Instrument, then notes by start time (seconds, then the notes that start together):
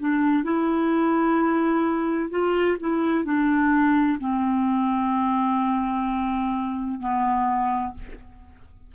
clarinet
0.00 D4
0.44 E4
2.31 F4
2.80 E4
3.25 D4
4.20 C4
7.00 B3